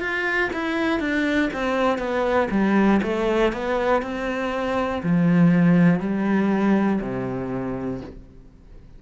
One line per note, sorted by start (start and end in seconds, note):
0.00 0.50 F4
0.53 1.00 E4
1.00 1.50 D4
1.53 1.98 C4
1.98 2.48 B3
2.51 3.01 G3
3.02 3.52 A3
3.52 4.02 B3
4.02 5.02 C4
5.03 6.00 F3
6.00 7.00 G3
7.01 8.01 C3